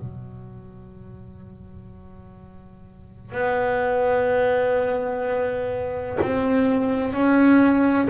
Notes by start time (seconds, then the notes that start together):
0.00 F#3
3.32 B3
6.22 C4
7.13 C#4